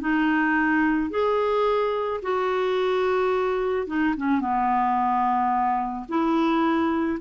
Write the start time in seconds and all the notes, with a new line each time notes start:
0.00 D#4
1.10 G#4
2.22 F#4
3.87 D#4
4.17 C#4
4.40 B3
6.08 E4